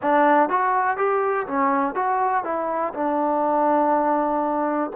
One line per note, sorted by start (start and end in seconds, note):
0.01 0.49 D4
0.49 0.97 F#4
0.97 1.46 G4
1.46 1.94 C#4
1.94 2.44 F#4
2.44 2.92 E4
2.94 4.90 D4